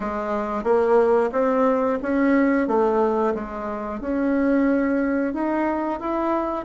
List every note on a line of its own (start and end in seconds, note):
0.00 0.63 G#3
0.63 1.30 A#3
1.32 1.98 C4
2.02 2.67 C#4
2.67 3.34 A3
3.34 4.00 G#3
4.00 5.33 C#4
5.33 5.99 D#4
5.99 6.65 E4